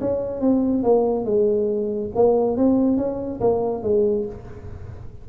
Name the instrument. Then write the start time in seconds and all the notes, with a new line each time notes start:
tuba
0.00 C#4
0.41 C4
0.83 A#3
1.24 G#3
2.15 A#3
2.56 C4
2.97 C#4
3.40 A#3
3.82 G#3